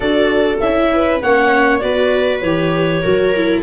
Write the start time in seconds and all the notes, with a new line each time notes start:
0.00 D4 F#4 A4 D5
0.60 C#4 E4 E5
0.92 B4
1.21 A#3 C#4 C#5 F#5
1.79 B3 F#4 B4 D5
2.40 E3 G4 C#5
3.02 F#3 F#4 A#4
3.35 E4